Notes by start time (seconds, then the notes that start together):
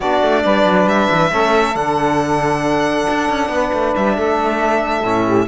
0.00 B3 D4 F#4 D5
0.22 A3
0.44 G3 B4
0.65 F#3
0.85 G3 E5
1.10 E3
1.31 A3 C#4 A4
1.75 D3 D4 F#5
3.10 D4
3.29 C#4
3.48 B3 B4
3.72 A3
3.95 G3 E5
4.16 A3 A4
5.02 A2 C#4
5.24 G4